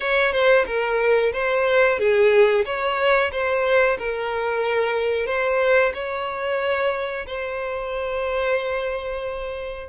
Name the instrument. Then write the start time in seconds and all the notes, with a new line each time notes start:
violin
0.00 C#5
0.32 C5
0.66 A#4
1.32 C5
1.98 G#4
2.65 C#5
3.31 C5
3.98 A#4
5.26 C5
5.94 C#5
7.26 C5